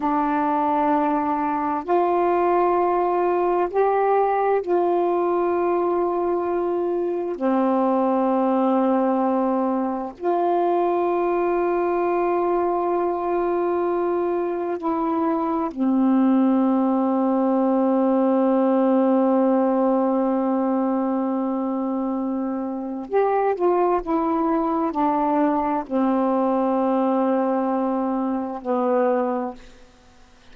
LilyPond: \new Staff \with { instrumentName = "saxophone" } { \time 4/4 \tempo 4 = 65 d'2 f'2 | g'4 f'2. | c'2. f'4~ | f'1 |
e'4 c'2.~ | c'1~ | c'4 g'8 f'8 e'4 d'4 | c'2. b4 | }